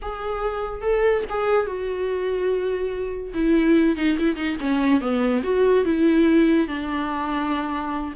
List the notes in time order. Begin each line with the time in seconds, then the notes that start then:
0.02 G#4
0.81 A4
1.29 G#4
1.66 F#4
3.34 E4
3.96 D#4
4.18 E4
4.36 D#4
4.60 C#4
5.00 B3
5.43 F#4
5.84 E4
6.67 D4